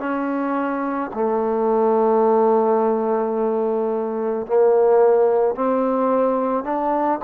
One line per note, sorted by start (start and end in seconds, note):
0.00 1.11 C#4
1.14 4.47 A3
4.47 5.56 A#3
5.56 6.64 C4
6.64 7.20 D4